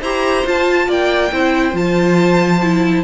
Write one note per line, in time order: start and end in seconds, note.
0.00 0.44 E4
0.00 0.44 G4
0.00 0.86 C5
0.00 0.46 A#5
0.44 1.31 F4
0.44 0.88 F4
0.44 0.91 A5
0.88 1.31 A#3
0.88 1.31 D5
0.88 1.76 G5
1.32 1.73 C4
1.32 1.72 E4
1.32 3.04 C5
1.72 3.02 F3
1.72 2.58 F4
1.72 3.04 A5
2.61 3.04 E4